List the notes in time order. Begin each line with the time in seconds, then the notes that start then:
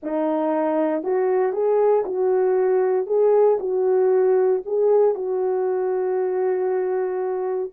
0.03 D#4
1.03 F#4
1.52 G#4
2.05 F#4
3.06 G#4
3.59 F#4
4.65 G#4
5.14 F#4